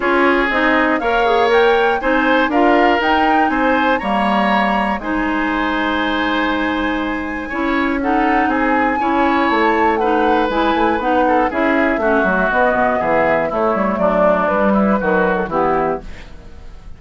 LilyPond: <<
  \new Staff \with { instrumentName = "flute" } { \time 4/4 \tempo 4 = 120 cis''4 dis''4 f''4 g''4 | gis''4 f''4 g''4 gis''4 | ais''2 gis''2~ | gis''1 |
fis''4 gis''2 a''4 | fis''4 gis''4 fis''4 e''4~ | e''4 dis''4 e''4 cis''4 | d''4 b'4.~ b'16 a'16 g'4 | }
  \new Staff \with { instrumentName = "oboe" } { \time 4/4 gis'2 cis''2 | c''4 ais'2 c''4 | cis''2 c''2~ | c''2. cis''4 |
a'4 gis'4 cis''2 | b'2~ b'8 a'8 gis'4 | fis'2 gis'4 e'4 | d'4. e'8 fis'4 e'4 | }
  \new Staff \with { instrumentName = "clarinet" } { \time 4/4 f'4 dis'4 ais'8 gis'8 ais'4 | dis'4 f'4 dis'2 | ais2 dis'2~ | dis'2. e'4 |
dis'2 e'2 | dis'4 e'4 dis'4 e'4 | cis'8 a8 b2 a4~ | a4 g4 fis4 b4 | }
  \new Staff \with { instrumentName = "bassoon" } { \time 4/4 cis'4 c'4 ais2 | c'4 d'4 dis'4 c'4 | g2 gis2~ | gis2. cis'4~ |
cis'4 c'4 cis'4 a4~ | a4 gis8 a8 b4 cis'4 | a8 fis8 b8 b,8 e4 a8 g8 | fis4 g4 dis4 e4 | }
>>